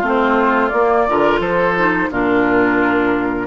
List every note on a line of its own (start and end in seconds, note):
0.00 0.72 A3
0.00 0.71 C4
0.00 1.03 F4
0.08 0.69 C5
0.69 1.07 A#3
0.69 1.09 A#3
0.69 1.38 D5
1.09 1.39 D3
1.09 1.77 F4
1.09 1.41 A#4
1.39 2.08 F3
1.39 2.09 A4
1.39 2.11 C5
1.77 2.11 D#4
2.11 3.47 A#2
2.11 3.47 D4
2.11 3.47 F4
2.11 3.47 A#4